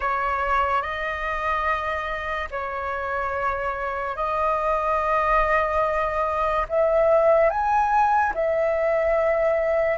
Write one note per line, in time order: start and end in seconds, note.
0.00 0.81 C#5
0.81 2.48 D#5
2.50 4.16 C#5
4.16 6.66 D#5
6.69 7.50 E5
7.50 8.33 G#5
8.34 9.97 E5